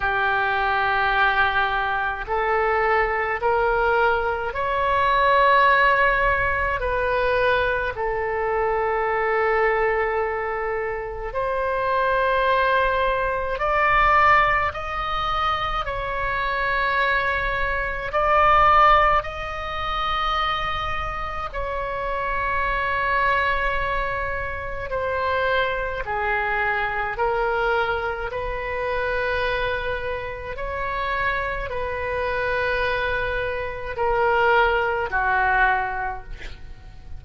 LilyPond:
\new Staff \with { instrumentName = "oboe" } { \time 4/4 \tempo 4 = 53 g'2 a'4 ais'4 | cis''2 b'4 a'4~ | a'2 c''2 | d''4 dis''4 cis''2 |
d''4 dis''2 cis''4~ | cis''2 c''4 gis'4 | ais'4 b'2 cis''4 | b'2 ais'4 fis'4 | }